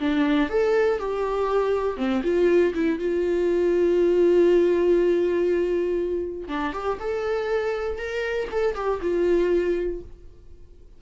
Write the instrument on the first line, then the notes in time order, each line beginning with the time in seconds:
viola
0.00 D4
0.50 A4
0.99 G4
1.97 C4
2.24 F4
2.74 E4
2.99 F4
6.48 D4
6.73 G4
7.00 A4
7.98 A#4
8.52 A4
8.75 G4
9.02 F4